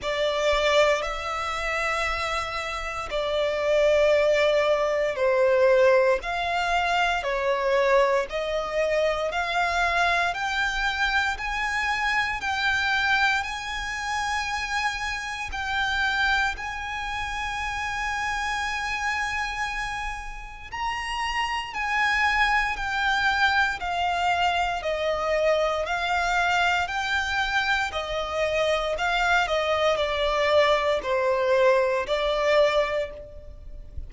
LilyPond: \new Staff \with { instrumentName = "violin" } { \time 4/4 \tempo 4 = 58 d''4 e''2 d''4~ | d''4 c''4 f''4 cis''4 | dis''4 f''4 g''4 gis''4 | g''4 gis''2 g''4 |
gis''1 | ais''4 gis''4 g''4 f''4 | dis''4 f''4 g''4 dis''4 | f''8 dis''8 d''4 c''4 d''4 | }